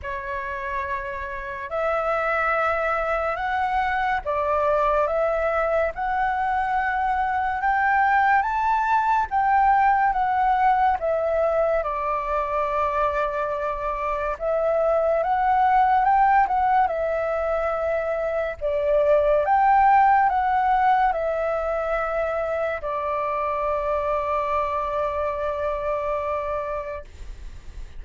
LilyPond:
\new Staff \with { instrumentName = "flute" } { \time 4/4 \tempo 4 = 71 cis''2 e''2 | fis''4 d''4 e''4 fis''4~ | fis''4 g''4 a''4 g''4 | fis''4 e''4 d''2~ |
d''4 e''4 fis''4 g''8 fis''8 | e''2 d''4 g''4 | fis''4 e''2 d''4~ | d''1 | }